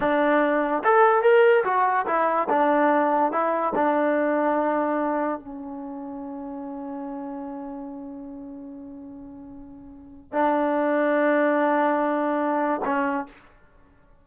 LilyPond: \new Staff \with { instrumentName = "trombone" } { \time 4/4 \tempo 4 = 145 d'2 a'4 ais'4 | fis'4 e'4 d'2 | e'4 d'2.~ | d'4 cis'2.~ |
cis'1~ | cis'1~ | cis'4 d'2.~ | d'2. cis'4 | }